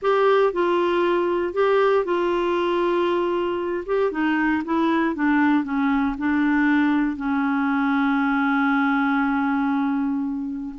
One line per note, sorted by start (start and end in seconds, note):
0.01 0.53 G4
0.53 1.53 F4
1.53 2.04 G4
2.04 3.84 F4
3.86 4.11 G4
4.11 4.62 D#4
4.64 5.15 E4
5.15 5.64 D4
5.64 6.15 C#4
6.17 7.16 D4
7.16 10.75 C#4